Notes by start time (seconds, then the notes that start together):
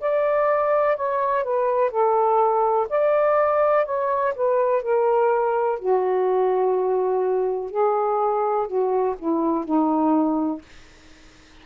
0.00 D5
0.96 C#5
1.43 B4
1.90 A4
2.89 D5
3.85 C#5
4.36 B4
4.83 A#4
5.79 F#4
7.70 G#4
8.67 F#4
9.19 E4
9.65 D#4